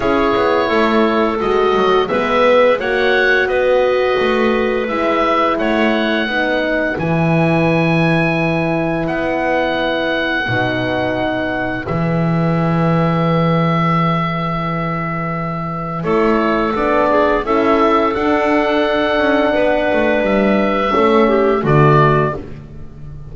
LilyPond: <<
  \new Staff \with { instrumentName = "oboe" } { \time 4/4 \tempo 4 = 86 cis''2 dis''4 e''4 | fis''4 dis''2 e''4 | fis''2 gis''2~ | gis''4 fis''2.~ |
fis''4 e''2.~ | e''2. cis''4 | d''4 e''4 fis''2~ | fis''4 e''2 d''4 | }
  \new Staff \with { instrumentName = "clarinet" } { \time 4/4 gis'4 a'2 b'4 | cis''4 b'2. | cis''4 b'2.~ | b'1~ |
b'1~ | b'2. a'4~ | a'8 gis'8 a'2. | b'2 a'8 g'8 fis'4 | }
  \new Staff \with { instrumentName = "horn" } { \time 4/4 e'2 fis'4 b4 | fis'2. e'4~ | e'4 dis'4 e'2~ | e'2. dis'4~ |
dis'4 gis'2.~ | gis'2. e'4 | d'4 e'4 d'2~ | d'2 cis'4 a4 | }
  \new Staff \with { instrumentName = "double bass" } { \time 4/4 cis'8 b8 a4 gis8 fis8 gis4 | ais4 b4 a4 gis4 | a4 b4 e2~ | e4 b2 b,4~ |
b,4 e2.~ | e2. a4 | b4 cis'4 d'4. cis'8 | b8 a8 g4 a4 d4 | }
>>